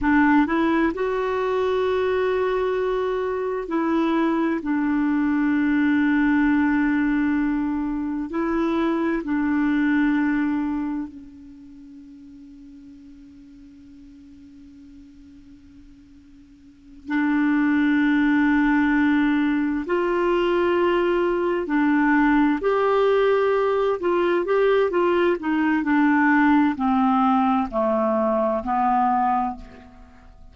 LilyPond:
\new Staff \with { instrumentName = "clarinet" } { \time 4/4 \tempo 4 = 65 d'8 e'8 fis'2. | e'4 d'2.~ | d'4 e'4 d'2 | cis'1~ |
cis'2~ cis'8 d'4.~ | d'4. f'2 d'8~ | d'8 g'4. f'8 g'8 f'8 dis'8 | d'4 c'4 a4 b4 | }